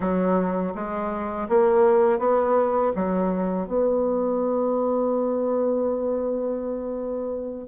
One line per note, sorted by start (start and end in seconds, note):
0.00 0.73 F#3
0.75 1.48 G#3
1.48 2.19 A#3
2.19 2.92 B3
2.95 3.67 F#3
3.67 7.67 B3